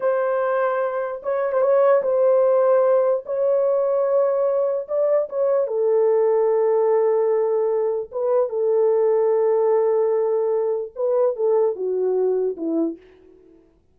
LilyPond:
\new Staff \with { instrumentName = "horn" } { \time 4/4 \tempo 4 = 148 c''2. cis''8. c''16 | cis''4 c''2. | cis''1 | d''4 cis''4 a'2~ |
a'1 | b'4 a'2.~ | a'2. b'4 | a'4 fis'2 e'4 | }